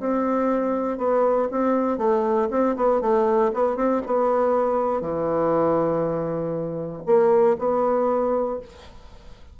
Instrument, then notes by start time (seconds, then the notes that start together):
bassoon
0.00 C4
0.98 B3
1.51 C4
1.98 A3
2.51 C4
2.77 B3
3.01 A3
3.54 B3
3.77 C4
4.06 B3
5.01 E3
7.07 A#3
7.59 B3